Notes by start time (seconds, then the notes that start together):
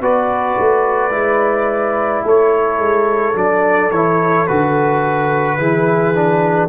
0.00 B3 F#4 B4 D5
0.58 A3
1.11 G#3 E4
2.24 A3 A4 C#5
2.78 G#3
3.34 F#3 D4 D5
3.91 E3 E4 C#5
4.47 D3 F#4 B4
5.58 E3 E4 G#4
6.15 D4